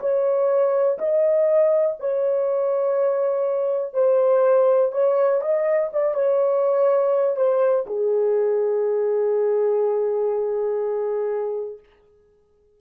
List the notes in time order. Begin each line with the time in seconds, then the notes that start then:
0.00 C#5
0.99 D#5
2.00 C#5
3.94 C5
4.92 C#5
5.41 D#5
5.93 D5
6.14 C#5
7.37 C5
7.87 G#4